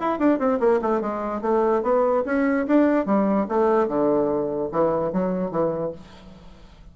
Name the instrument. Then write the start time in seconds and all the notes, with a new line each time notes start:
bassoon
0.00 E4
0.18 D4
0.38 C4
0.59 A#3
0.81 A3
1.00 G#3
1.41 A3
1.82 B3
2.25 C#4
2.67 D4
3.05 G3
3.48 A3
3.87 D3
4.71 E3
5.12 F#3
5.50 E3